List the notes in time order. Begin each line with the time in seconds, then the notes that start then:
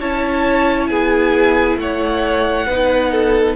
0.00 C#4 E4 C#5 A5
0.87 B3 G#4 G#5
1.76 A3 C#5 F#5
2.67 B3 D#4 B4
3.11 A4